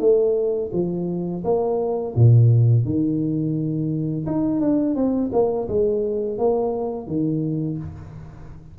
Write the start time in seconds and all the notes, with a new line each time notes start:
0.00 A3
0.73 F3
1.44 A#3
2.15 A#2
2.85 D#3
4.26 D#4
4.61 D4
4.96 C4
5.33 A#3
5.69 G#3
6.39 A#3
7.07 D#3